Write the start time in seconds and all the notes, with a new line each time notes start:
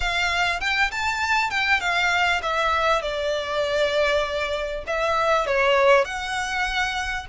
0.00 F5
0.60 G5
0.91 A5
1.50 G5
1.80 F5
2.42 E5
3.02 D5
4.87 E5
5.46 C#5
6.04 F#5